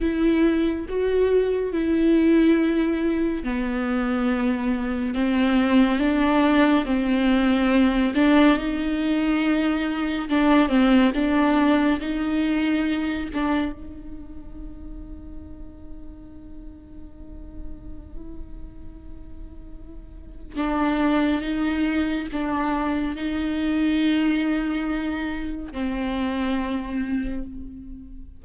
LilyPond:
\new Staff \with { instrumentName = "viola" } { \time 4/4 \tempo 4 = 70 e'4 fis'4 e'2 | b2 c'4 d'4 | c'4. d'8 dis'2 | d'8 c'8 d'4 dis'4. d'8 |
dis'1~ | dis'1 | d'4 dis'4 d'4 dis'4~ | dis'2 c'2 | }